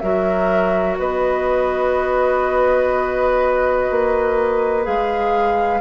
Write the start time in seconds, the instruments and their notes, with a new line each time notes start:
0.00 bassoon F#3, clarinet F#4, oboe A#4, flute E5
0.99 bassoon B3, oboe B4, flute D#5
3.90 bassoon A#3
4.84 bassoon G#3, clarinet G#4, flute F5